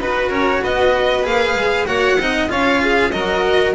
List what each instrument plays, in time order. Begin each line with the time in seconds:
0.00 double bass D#4, cello F#4, violin B4
0.29 double bass C#4, violin A#4 C#5
0.62 double bass B3, violin B4 D#5
1.24 double bass A#3, cello G#4, violin F5
1.54 double bass G#3
1.86 double bass A#3, cello F#4, violin C#5 F#5
2.18 double bass C4, cello D#4, violin D#5
2.48 double bass C#4, cello F4, violin C#5 F5
2.83 violin G#4
3.11 double bass F#3, cello F#4, violin A#4 D#5